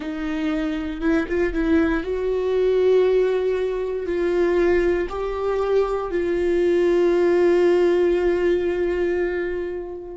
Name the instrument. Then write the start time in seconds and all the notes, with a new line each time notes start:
viola
0.00 D#4
1.00 E4
1.28 F4
1.53 E4
2.03 F#4
4.06 F4
5.08 G4
6.11 F4